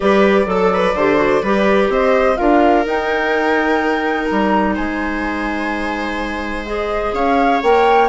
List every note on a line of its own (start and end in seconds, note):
0.00 0.46 G3
0.00 0.45 G4
0.00 0.48 B4
0.00 1.90 D5
0.45 0.94 F#3
0.45 0.93 A4
0.45 0.73 A4
0.73 0.95 B4
0.94 1.42 D3
0.94 1.16 G4
0.94 1.42 C5
1.16 1.40 F#4
1.42 1.89 G3
1.42 2.36 G4
1.42 1.90 B4
1.89 2.37 C4
1.89 2.38 C5
1.89 2.37 D#5
2.36 2.85 D4
2.36 2.84 F4
2.36 4.75 A#4
2.36 2.84 F5
2.85 4.28 D#4
2.85 6.66 D#4
2.85 4.25 G5
4.25 4.78 G3
4.25 4.73 A#5
4.75 7.12 G#3
4.75 7.13 C5
4.75 6.66 G#5
6.66 7.61 G#4
6.66 7.13 D#5
7.12 7.60 C#4
7.12 8.08 C#5
7.12 7.61 F5
7.62 8.08 A#3
7.62 8.08 A#4
7.62 8.08 G5